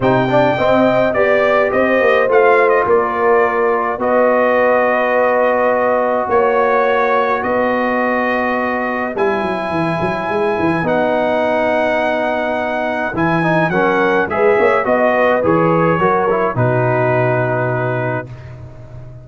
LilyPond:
<<
  \new Staff \with { instrumentName = "trumpet" } { \time 4/4 \tempo 4 = 105 g''2 d''4 dis''4 | f''8. dis''16 d''2 dis''4~ | dis''2. cis''4~ | cis''4 dis''2. |
gis''2. fis''4~ | fis''2. gis''4 | fis''4 e''4 dis''4 cis''4~ | cis''4 b'2. | }
  \new Staff \with { instrumentName = "horn" } { \time 4/4 c''8 d''8 dis''4 d''4 c''4~ | c''4 ais'2 b'4~ | b'2. cis''4~ | cis''4 b'2.~ |
b'1~ | b'1 | ais'4 b'8 cis''8 dis''8 b'4. | ais'4 fis'2. | }
  \new Staff \with { instrumentName = "trombone" } { \time 4/4 dis'8 d'8 c'4 g'2 | f'2. fis'4~ | fis'1~ | fis'1 |
e'2. dis'4~ | dis'2. e'8 dis'8 | cis'4 gis'4 fis'4 gis'4 | fis'8 e'8 dis'2. | }
  \new Staff \with { instrumentName = "tuba" } { \time 4/4 c4 c'4 b4 c'8 ais8 | a4 ais2 b4~ | b2. ais4~ | ais4 b2. |
g8 fis8 e8 fis8 gis8 e8 b4~ | b2. e4 | fis4 gis8 ais8 b4 e4 | fis4 b,2. | }
>>